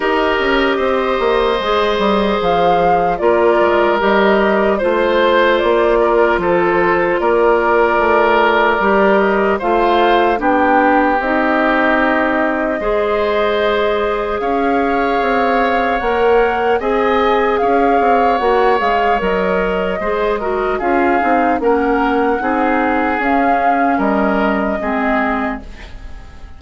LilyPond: <<
  \new Staff \with { instrumentName = "flute" } { \time 4/4 \tempo 4 = 75 dis''2. f''4 | d''4 dis''4 c''4 d''4 | c''4 d''2~ d''8 dis''8 | f''4 g''4 dis''2~ |
dis''2 f''2 | fis''4 gis''4 f''4 fis''8 f''8 | dis''2 f''4 fis''4~ | fis''4 f''4 dis''2 | }
  \new Staff \with { instrumentName = "oboe" } { \time 4/4 ais'4 c''2. | ais'2 c''4. ais'8 | a'4 ais'2. | c''4 g'2. |
c''2 cis''2~ | cis''4 dis''4 cis''2~ | cis''4 c''8 ais'8 gis'4 ais'4 | gis'2 ais'4 gis'4 | }
  \new Staff \with { instrumentName = "clarinet" } { \time 4/4 g'2 gis'2 | f'4 g'4 f'2~ | f'2. g'4 | f'4 d'4 dis'2 |
gis'1 | ais'4 gis'2 fis'8 gis'8 | ais'4 gis'8 fis'8 f'8 dis'8 cis'4 | dis'4 cis'2 c'4 | }
  \new Staff \with { instrumentName = "bassoon" } { \time 4/4 dis'8 cis'8 c'8 ais8 gis8 g8 f4 | ais8 gis8 g4 a4 ais4 | f4 ais4 a4 g4 | a4 b4 c'2 |
gis2 cis'4 c'4 | ais4 c'4 cis'8 c'8 ais8 gis8 | fis4 gis4 cis'8 c'8 ais4 | c'4 cis'4 g4 gis4 | }
>>